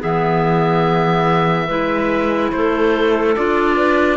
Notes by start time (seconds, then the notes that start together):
0.00 E3 B3 G#4 E5
1.67 G#3 E4 B4
2.52 A3 A4 C5
3.36 D4 F4 D5
3.76 B4